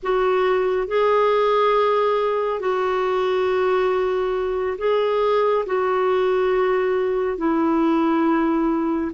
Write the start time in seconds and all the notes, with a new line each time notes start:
0.02 F#4
0.87 G#4
2.59 F#4
4.78 G#4
5.66 F#4
7.37 E4